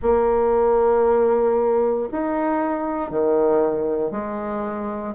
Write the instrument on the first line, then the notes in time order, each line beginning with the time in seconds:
bassoon
0.01 A#3
2.11 D#4
3.10 D#3
4.11 G#3